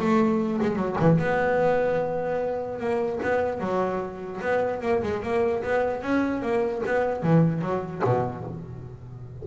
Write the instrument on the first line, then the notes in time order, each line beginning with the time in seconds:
double bass
0.00 A3
0.62 G#3
0.76 F#3
1.00 E3
1.19 B3
2.80 A#3
3.23 B3
3.60 F#3
4.42 B3
4.82 A#3
5.03 G#3
5.23 A#3
5.63 B3
6.03 C#4
6.42 A#3
6.86 B3
7.23 E3
7.62 F#3
8.04 B2